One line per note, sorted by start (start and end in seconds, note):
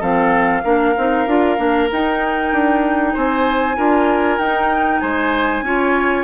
0.00 0.64 F3
0.00 0.63 C4
0.00 0.62 A4
0.00 1.90 F5
0.64 0.96 A#3
0.64 0.95 D4
0.64 3.14 A#4
0.98 1.27 C4
0.98 1.28 D#4
1.27 1.58 D4
1.27 1.57 F4
1.57 1.90 A#3
1.57 1.89 D4
1.92 2.53 D#4
1.92 3.77 D#4
1.92 3.16 G5
2.53 3.15 D4
3.14 3.78 C4
3.14 3.77 C5
3.14 4.39 G#5
3.77 4.39 D4
3.77 4.40 F4
3.77 5.02 A#4
4.39 5.01 D#4
4.39 5.65 D#4
4.39 5.01 G5
5.01 5.63 G#3
5.01 5.65 C5
5.01 6.25 G#5
5.63 6.25 C#4
5.63 6.25 F4
5.63 6.25 C#5